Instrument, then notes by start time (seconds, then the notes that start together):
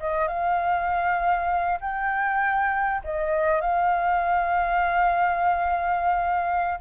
flute
0.00 D#5
0.28 F5
1.80 G5
3.04 D#5
3.61 F5